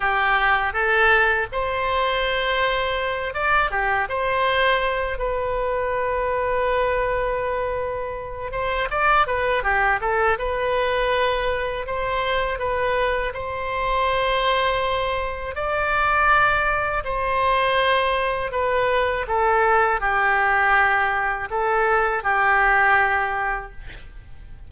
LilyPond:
\new Staff \with { instrumentName = "oboe" } { \time 4/4 \tempo 4 = 81 g'4 a'4 c''2~ | c''8 d''8 g'8 c''4. b'4~ | b'2.~ b'8 c''8 | d''8 b'8 g'8 a'8 b'2 |
c''4 b'4 c''2~ | c''4 d''2 c''4~ | c''4 b'4 a'4 g'4~ | g'4 a'4 g'2 | }